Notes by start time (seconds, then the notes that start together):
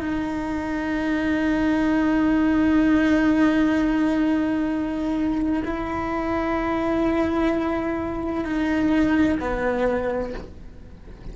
0.00 D#4
5.64 E4
8.44 D#4
9.39 B3